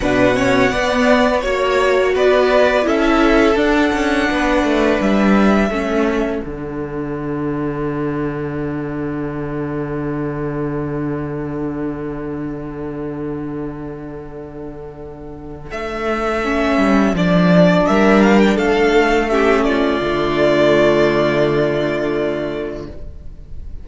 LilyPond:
<<
  \new Staff \with { instrumentName = "violin" } { \time 4/4 \tempo 4 = 84 fis''2 cis''4 d''4 | e''4 fis''2 e''4~ | e''4 fis''2.~ | fis''1~ |
fis''1~ | fis''2 e''2 | d''4 e''8 f''16 g''16 f''4 e''8 d''8~ | d''1 | }
  \new Staff \with { instrumentName = "violin" } { \time 4/4 b'8 cis''8 d''4 cis''4 b'4 | a'2 b'2 | a'1~ | a'1~ |
a'1~ | a'1~ | a'4 ais'4 a'4 g'8 f'8~ | f'1 | }
  \new Staff \with { instrumentName = "viola" } { \time 4/4 d'8 cis'8 b4 fis'2 | e'4 d'2. | cis'4 d'2.~ | d'1~ |
d'1~ | d'2. cis'4 | d'2. cis'4 | a1 | }
  \new Staff \with { instrumentName = "cello" } { \time 4/4 b,4 b4 ais4 b4 | cis'4 d'8 cis'8 b8 a8 g4 | a4 d2.~ | d1~ |
d1~ | d2 a4. g8 | f4 g4 a2 | d1 | }
>>